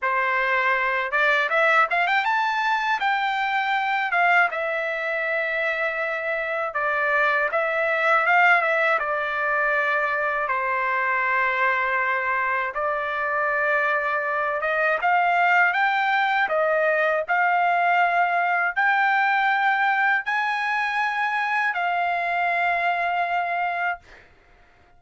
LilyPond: \new Staff \with { instrumentName = "trumpet" } { \time 4/4 \tempo 4 = 80 c''4. d''8 e''8 f''16 g''16 a''4 | g''4. f''8 e''2~ | e''4 d''4 e''4 f''8 e''8 | d''2 c''2~ |
c''4 d''2~ d''8 dis''8 | f''4 g''4 dis''4 f''4~ | f''4 g''2 gis''4~ | gis''4 f''2. | }